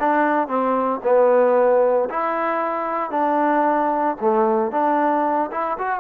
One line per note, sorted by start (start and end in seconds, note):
0.00 0.48 D4
0.48 1.01 C4
1.04 2.09 B3
2.10 3.11 E4
3.11 4.16 D4
4.21 4.72 A3
4.72 5.50 D4
5.51 5.78 E4
5.79 6.00 F#4